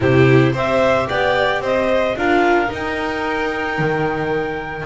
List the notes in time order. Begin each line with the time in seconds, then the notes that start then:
0.00 C3 E4 G4 C5
0.52 C4 G4 C5 E5
1.08 B3 D5 G5
1.60 C4 C5 D#5
2.15 D4 F4 A#4 F5
2.66 D#4
2.74 G5
3.78 D#3